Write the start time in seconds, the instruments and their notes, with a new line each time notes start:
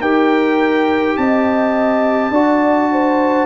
0.00 tuba D#4, trombone G4, horn A#4, trumpet G5
1.17 tuba C4, horn D#5, trumpet A5
2.29 tuba D4, trombone F#4, horn D5
2.91 horn C5